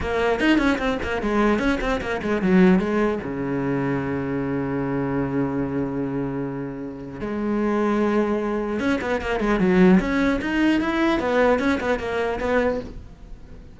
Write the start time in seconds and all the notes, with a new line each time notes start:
0.01 A#3
0.40 D#4
0.57 C#4
0.78 C4
1.02 A#3
1.21 G#3
1.58 C#4
1.80 C4
2.01 A#3
2.22 G#3
2.41 F#3
2.79 G#3
3.23 C#3
7.20 G#3
8.79 C#4
9.01 B3
9.21 A#3
9.39 G#3
9.59 F#3
9.99 C#4
10.41 D#4
10.80 E4
11.19 B3
11.59 C#4
11.80 B3
11.99 A#3
12.39 B3